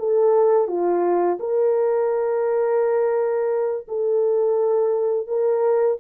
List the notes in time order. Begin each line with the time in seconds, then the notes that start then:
0.00 A4
0.68 F4
1.40 A#4
3.89 A4
5.28 A#4